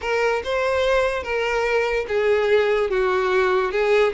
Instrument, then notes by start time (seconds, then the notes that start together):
violin
0.01 A#4
0.44 C5
1.23 A#4
2.07 G#4
2.90 F#4
3.71 G#4